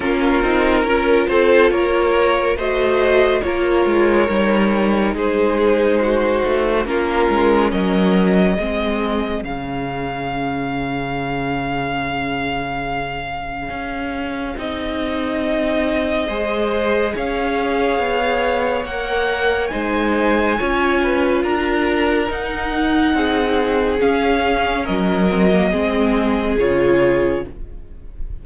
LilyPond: <<
  \new Staff \with { instrumentName = "violin" } { \time 4/4 \tempo 4 = 70 ais'4. c''8 cis''4 dis''4 | cis''2 c''2 | ais'4 dis''2 f''4~ | f''1~ |
f''4 dis''2. | f''2 fis''4 gis''4~ | gis''4 ais''4 fis''2 | f''4 dis''2 cis''4 | }
  \new Staff \with { instrumentName = "violin" } { \time 4/4 f'4 ais'8 a'8 ais'4 c''4 | ais'2 gis'4 fis'4 | f'4 ais'4 gis'2~ | gis'1~ |
gis'2. c''4 | cis''2. c''4 | cis''8 b'8 ais'2 gis'4~ | gis'4 ais'4 gis'2 | }
  \new Staff \with { instrumentName = "viola" } { \time 4/4 cis'8 dis'8 f'2 fis'4 | f'4 dis'2. | cis'2 c'4 cis'4~ | cis'1~ |
cis'4 dis'2 gis'4~ | gis'2 ais'4 dis'4 | f'2 dis'2 | cis'4. c'16 ais16 c'4 f'4 | }
  \new Staff \with { instrumentName = "cello" } { \time 4/4 ais8 c'8 cis'8 c'8 ais4 a4 | ais8 gis8 g4 gis4. a8 | ais8 gis8 fis4 gis4 cis4~ | cis1 |
cis'4 c'2 gis4 | cis'4 b4 ais4 gis4 | cis'4 d'4 dis'4 c'4 | cis'4 fis4 gis4 cis4 | }
>>